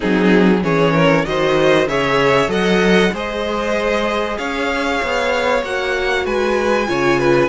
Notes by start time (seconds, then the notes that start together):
0.00 F#3 C4 D#4 G#4
0.62 E3 C#4 G#4 C#5
0.93 A#4
1.25 D#3 F#4 C5 D#5
1.87 C#3 G#4 C#5 E5
2.47 F#3 A4 D#5 F#5
3.12 G#3 G#4 C5 D#5
4.38 C#4 C#5 F5
5.02 B3
5.62 A#3 F#4 F#5
6.25 G#3 B4 G#5
6.87 C#3 F4 C#5
7.19 B4